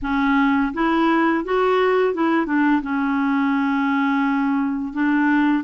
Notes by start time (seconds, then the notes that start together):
0.02 C#4
0.73 E4
1.44 F#4
2.14 E4
2.46 D4
2.81 C#4
4.93 D4